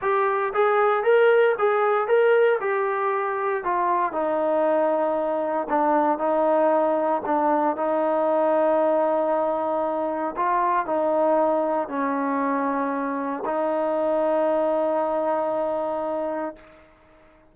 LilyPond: \new Staff \with { instrumentName = "trombone" } { \time 4/4 \tempo 4 = 116 g'4 gis'4 ais'4 gis'4 | ais'4 g'2 f'4 | dis'2. d'4 | dis'2 d'4 dis'4~ |
dis'1 | f'4 dis'2 cis'4~ | cis'2 dis'2~ | dis'1 | }